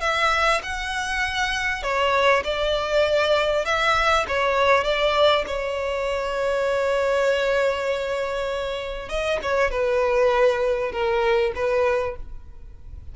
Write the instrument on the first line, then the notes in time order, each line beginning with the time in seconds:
violin
0.00 E5
0.63 F#5
1.82 C#5
2.44 D5
3.65 E5
4.28 C#5
4.84 D5
5.47 C#5
9.09 D#5
9.42 C#5
9.70 B4
10.91 A#4
11.55 B4